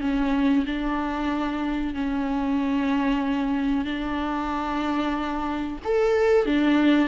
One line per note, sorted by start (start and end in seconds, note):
0.00 0.65 C#4
0.66 1.94 D4
1.94 3.85 C#4
3.85 5.78 D4
5.84 6.45 A4
6.45 7.08 D4